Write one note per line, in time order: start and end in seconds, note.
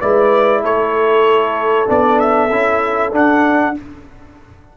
0.00 0.62 G#3
0.00 1.86 E4
0.00 0.62 B4
0.00 0.63 D5
0.62 1.87 A3
0.62 3.75 A4
0.62 1.89 C#5
1.86 2.51 B3
1.86 2.49 D4
1.86 2.19 D5
2.19 3.13 E5
2.51 3.13 C#4
2.51 3.12 E4
3.12 3.74 D4
3.12 3.75 D4
3.12 3.77 F#5